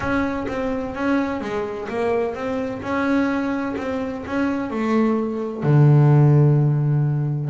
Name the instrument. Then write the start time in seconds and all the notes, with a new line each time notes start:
double bass
0.00 C#4
0.48 C4
0.94 C#4
1.40 G#3
1.88 A#3
2.34 C4
2.81 C#4
3.77 C4
4.26 C#4
4.70 A3
5.63 D3